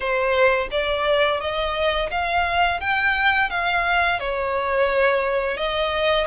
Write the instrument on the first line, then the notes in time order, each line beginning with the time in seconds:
violin
0.00 C5
0.71 D5
1.40 D#5
2.11 F5
2.80 G5
3.49 F5
4.19 C#5
5.57 D#5